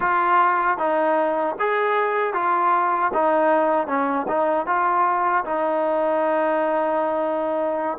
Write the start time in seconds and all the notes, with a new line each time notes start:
0.00 F4
0.78 D#4
1.59 G#4
2.33 F4
3.13 D#4
3.87 C#4
4.28 D#4
4.66 F4
5.44 D#4